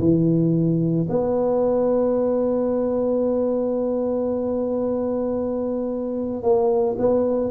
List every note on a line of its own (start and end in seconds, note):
0.00 1.07 E3
1.10 6.43 B3
6.43 6.97 A#3
6.99 7.51 B3